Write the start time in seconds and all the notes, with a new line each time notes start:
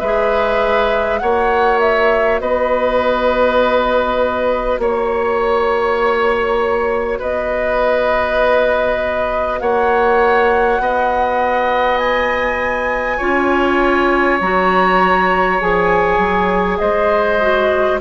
0.00 G#3 G#4 B4 E5
1.19 A#3 F#4 C#5 F#5
1.80 E5
2.40 B3 B4 D#5
4.79 A#3 C#5
7.19 B3 B4 D#5
9.60 A#3 C#5 F#5
10.79 B3 D#5
11.98 G#5
13.18 C#4 F4 C#5
14.41 F#3 F#4 A#5
15.61 F3 G#4 G#5
16.18 F#3
16.79 G#3 C5 D#5
17.41 F#4